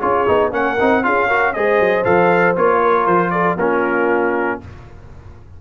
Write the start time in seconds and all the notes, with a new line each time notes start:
0.00 C#4 F4 G#4 C#5
0.27 B3 D#4
0.51 A#3 C#4 A#4 F#5
0.80 C4 D#4
1.03 C#4 F4 G#4 F5
1.28 F#4 A#4
1.53 G#3 G#4 C5 D#5
1.80 F#3
2.04 F3 A4 F5
2.56 A#3 F4 C#5
2.82 A#4
3.06 F3 C5
3.31 A4 D5
3.56 A#3 C#4 F4 A#4